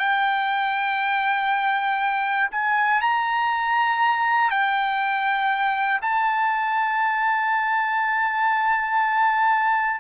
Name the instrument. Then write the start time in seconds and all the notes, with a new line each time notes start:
trumpet
0.00 G5
2.52 G#5
3.02 A#5
4.51 G5
6.02 A5